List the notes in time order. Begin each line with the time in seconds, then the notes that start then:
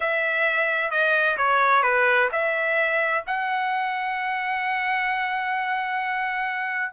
0.00 E5
0.90 D#5
1.37 C#5
1.83 B4
2.31 E5
3.26 F#5